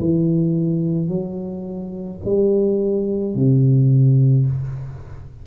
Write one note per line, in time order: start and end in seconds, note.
0.00 1.09 E3
1.09 2.20 F#3
2.25 3.35 G3
3.35 4.46 C3